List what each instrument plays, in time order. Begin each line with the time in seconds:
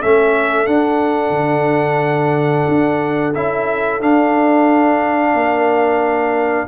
0.00 tuba A3, trombone C#4, horn A4, trumpet E5
0.66 tuba D4, trombone D4, trumpet F#5
1.30 tuba D3
2.68 tuba D4
3.34 tuba C#4, trombone E4, trumpet E5
4.01 trombone D4, tuba D4, trumpet F5
5.34 tuba A#3, horn A#4